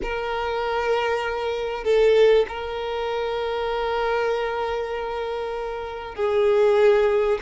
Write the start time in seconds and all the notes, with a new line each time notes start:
0.02 A#4
1.84 A4
2.48 A#4
6.15 G#4